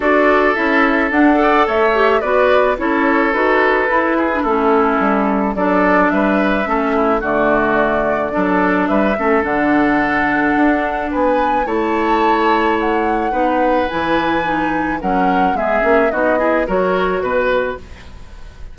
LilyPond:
<<
  \new Staff \with { instrumentName = "flute" } { \time 4/4 \tempo 4 = 108 d''4 e''4 fis''4 e''4 | d''4 cis''4 b'2 | a'2 d''4 e''4~ | e''4 d''2. |
e''4 fis''2. | gis''4 a''2 fis''4~ | fis''4 gis''2 fis''4 | e''4 dis''4 cis''4 b'4 | }
  \new Staff \with { instrumentName = "oboe" } { \time 4/4 a'2~ a'8 d''8 cis''4 | b'4 a'2~ a'8 gis'8 | e'2 a'4 b'4 | a'8 e'8 fis'2 a'4 |
b'8 a'2.~ a'8 | b'4 cis''2. | b'2. ais'4 | gis'4 fis'8 gis'8 ais'4 b'4 | }
  \new Staff \with { instrumentName = "clarinet" } { \time 4/4 fis'4 e'4 d'8 a'4 g'8 | fis'4 e'4 fis'4 e'8. d'16 | cis'2 d'2 | cis'4 a2 d'4~ |
d'8 cis'8 d'2.~ | d'4 e'2. | dis'4 e'4 dis'4 cis'4 | b8 cis'8 dis'8 e'8 fis'2 | }
  \new Staff \with { instrumentName = "bassoon" } { \time 4/4 d'4 cis'4 d'4 a4 | b4 cis'4 dis'4 e'4 | a4 g4 fis4 g4 | a4 d2 fis4 |
g8 a8 d2 d'4 | b4 a2. | b4 e2 fis4 | gis8 ais8 b4 fis4 b,4 | }
>>